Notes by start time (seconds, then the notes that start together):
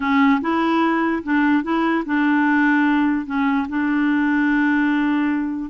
0.00 C#4
0.41 E4
1.23 D4
1.63 E4
2.05 D4
3.26 C#4
3.68 D4